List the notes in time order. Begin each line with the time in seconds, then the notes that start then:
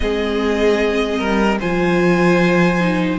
0.00 G#3 C4 G#4 D#5
1.18 G3 A#4
1.59 F3 F4 C5 G#5
2.80 D#4